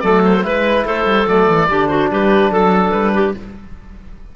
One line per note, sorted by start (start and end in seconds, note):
0.00 0.43 F#3
0.00 0.42 A3
0.00 0.45 A4
0.00 0.21 D5
0.25 0.44 C5
0.42 0.85 G#3
0.42 1.25 E4
0.42 0.86 B4
0.42 0.85 B4
0.85 1.05 A3
0.85 1.68 A4
0.85 1.27 C5
1.05 1.26 G3
1.27 1.48 F#3
1.27 1.69 A3
1.27 1.87 D5
1.48 1.68 E3
1.69 2.11 D3
1.69 3.35 D4
1.69 1.89 G4
1.87 2.10 F#4
1.87 2.08 C5
2.11 2.50 G3
2.11 2.51 G4
2.11 2.52 B4
2.50 2.91 F#3
2.50 3.13 A4
2.50 2.91 A4
2.91 3.34 G3
2.91 3.32 B4
3.13 3.34 G4